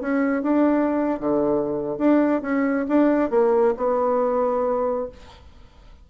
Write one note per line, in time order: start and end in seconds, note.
0.00 0.42 C#4
0.42 1.19 D4
1.19 1.97 D3
1.98 2.42 D4
2.42 2.86 C#4
2.88 3.30 D4
3.30 3.74 A#3
3.77 5.09 B3